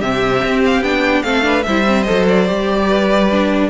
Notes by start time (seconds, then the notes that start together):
0.00 C3 C4 G4 E5
0.44 C4
0.65 F5
0.81 B3 D4 G5
1.23 A3 C4 A4 F5
1.42 D4 B4
1.63 G3 E4 C5 E5
1.85 C4
2.03 A4 D#5
2.10 F#3
2.28 D5
2.47 G3 G4
2.88 B4
3.31 D4